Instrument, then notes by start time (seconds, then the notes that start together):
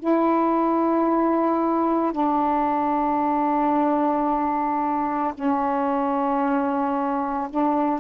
saxophone
0.00 E4
2.12 D4
5.34 C#4
7.50 D4